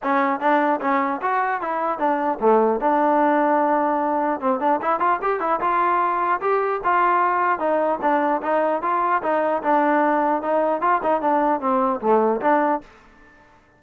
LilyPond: \new Staff \with { instrumentName = "trombone" } { \time 4/4 \tempo 4 = 150 cis'4 d'4 cis'4 fis'4 | e'4 d'4 a4 d'4~ | d'2. c'8 d'8 | e'8 f'8 g'8 e'8 f'2 |
g'4 f'2 dis'4 | d'4 dis'4 f'4 dis'4 | d'2 dis'4 f'8 dis'8 | d'4 c'4 a4 d'4 | }